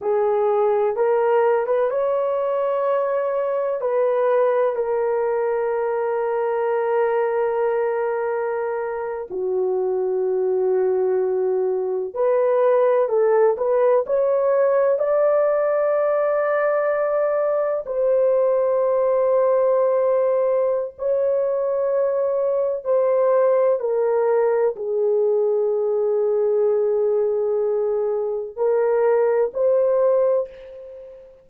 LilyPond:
\new Staff \with { instrumentName = "horn" } { \time 4/4 \tempo 4 = 63 gis'4 ais'8. b'16 cis''2 | b'4 ais'2.~ | ais'4.~ ais'16 fis'2~ fis'16~ | fis'8. b'4 a'8 b'8 cis''4 d''16~ |
d''2~ d''8. c''4~ c''16~ | c''2 cis''2 | c''4 ais'4 gis'2~ | gis'2 ais'4 c''4 | }